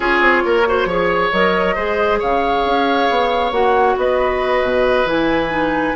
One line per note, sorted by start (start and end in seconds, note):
0.00 0.20 C#4
0.00 0.62 F4
0.00 0.43 G#4
0.00 1.31 C#5
0.20 0.42 C4
0.45 0.85 A#3
0.45 0.67 A#4
0.66 0.88 F#4
0.66 0.87 C5
0.85 1.29 F3
0.85 1.32 G#4
0.85 1.75 C#5
1.31 1.76 F#3
1.31 1.76 A#4
1.31 2.20 D#5
1.75 2.21 G#3
1.75 3.52 G#4
1.75 2.19 C5
2.19 2.65 C#3
2.19 3.95 C#5
2.19 3.52 F5
2.65 3.09 C#4
3.09 3.51 B3
3.51 3.95 A#3
3.51 5.06 F#4
3.51 3.96 F#5
3.96 4.62 B3
3.96 5.95 B4
3.96 5.07 D#5
4.62 5.05 B2
5.05 5.93 E3
5.05 5.49 E4
5.05 5.95 G#5
5.49 5.93 D#4